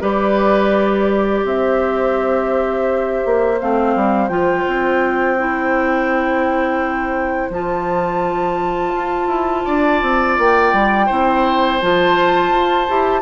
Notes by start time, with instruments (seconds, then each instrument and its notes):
0.00 bassoon G3, clarinet G4, oboe B4, flute D5
1.43 bassoon C4, oboe C5, flute E5
3.25 bassoon A#3
3.59 bassoon A3, clarinet C4, flute F5
3.95 bassoon G3
4.28 bassoon F3, clarinet F4, flute G5
4.67 bassoon C4
5.38 clarinet E4
7.50 bassoon F3, clarinet F4, flute A5
8.95 bassoon F4
9.27 bassoon E4
9.65 bassoon D4, oboe D5
10.02 bassoon C4
10.38 bassoon A#3, flute G5
10.72 bassoon G3
11.06 bassoon C4, clarinet E4, oboe C5
11.81 bassoon F3, clarinet F4, flute A5
12.51 bassoon F4
12.88 bassoon E4, clarinet G4